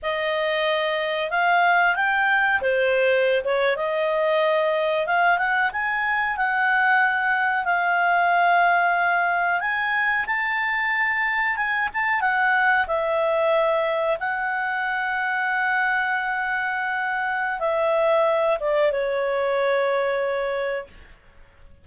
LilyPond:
\new Staff \with { instrumentName = "clarinet" } { \time 4/4 \tempo 4 = 92 dis''2 f''4 g''4 | c''4~ c''16 cis''8 dis''2 f''16~ | f''16 fis''8 gis''4 fis''2 f''16~ | f''2~ f''8. gis''4 a''16~ |
a''4.~ a''16 gis''8 a''8 fis''4 e''16~ | e''4.~ e''16 fis''2~ fis''16~ | fis''2. e''4~ | e''8 d''8 cis''2. | }